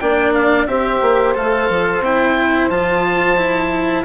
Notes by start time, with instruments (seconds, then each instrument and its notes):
0.00 bassoon A#3, cello D4, saxophone D5, oboe G5
0.34 oboe F5
0.67 bassoon C4, cello G4, saxophone C5, oboe E5
1.02 bassoon A#3
1.35 bassoon A3, cello A4, oboe F5
1.70 bassoon F3
2.01 bassoon C4, cello E4, oboe G5
2.70 bassoon F3, cello F4, oboe A5
3.37 cello E4